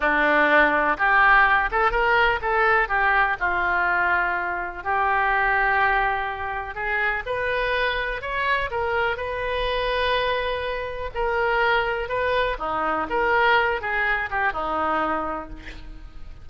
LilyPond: \new Staff \with { instrumentName = "oboe" } { \time 4/4 \tempo 4 = 124 d'2 g'4. a'8 | ais'4 a'4 g'4 f'4~ | f'2 g'2~ | g'2 gis'4 b'4~ |
b'4 cis''4 ais'4 b'4~ | b'2. ais'4~ | ais'4 b'4 dis'4 ais'4~ | ais'8 gis'4 g'8 dis'2 | }